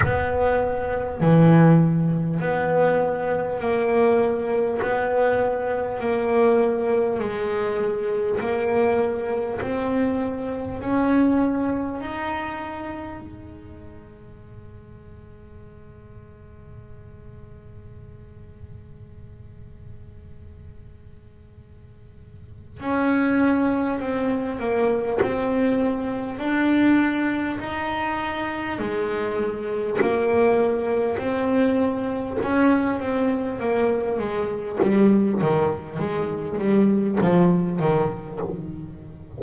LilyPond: \new Staff \with { instrumentName = "double bass" } { \time 4/4 \tempo 4 = 50 b4 e4 b4 ais4 | b4 ais4 gis4 ais4 | c'4 cis'4 dis'4 gis4~ | gis1~ |
gis2. cis'4 | c'8 ais8 c'4 d'4 dis'4 | gis4 ais4 c'4 cis'8 c'8 | ais8 gis8 g8 dis8 gis8 g8 f8 dis8 | }